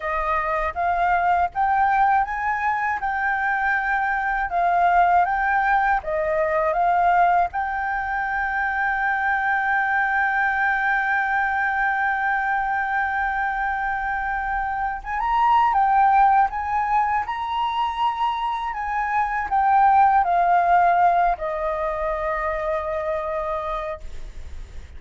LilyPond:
\new Staff \with { instrumentName = "flute" } { \time 4/4 \tempo 4 = 80 dis''4 f''4 g''4 gis''4 | g''2 f''4 g''4 | dis''4 f''4 g''2~ | g''1~ |
g''1 | gis''16 ais''8. g''4 gis''4 ais''4~ | ais''4 gis''4 g''4 f''4~ | f''8 dis''2.~ dis''8 | }